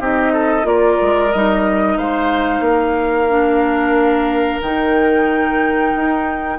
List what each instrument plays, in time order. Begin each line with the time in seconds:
0.00 bassoon C4, clarinet D#4, oboe G4, flute D#5
0.33 oboe A4
0.64 bassoon A#3, clarinet F4, oboe A#4, flute D5
1.02 bassoon G#3
1.32 bassoon G3, clarinet D#4, flute D#5
1.98 bassoon G#3, oboe C5, flute F5
2.61 bassoon A#3
2.67 oboe A#4
3.29 clarinet D4
4.62 bassoon D#3, clarinet D#4, flute G5
5.96 bassoon D#4